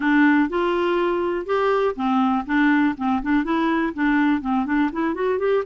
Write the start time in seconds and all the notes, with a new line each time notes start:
0.00 D4
0.49 F4
1.46 G4
1.95 C4
2.46 D4
2.97 C4
3.22 D4
3.44 E4
3.94 D4
4.41 C4
4.65 D4
4.92 E4
5.14 F#4
5.39 G4